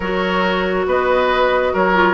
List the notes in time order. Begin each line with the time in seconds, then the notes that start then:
0.00 F#3 F#4 A#4 C#5
0.86 B3 B4 D#5
1.73 F#3 A#4 C#5
1.94 F4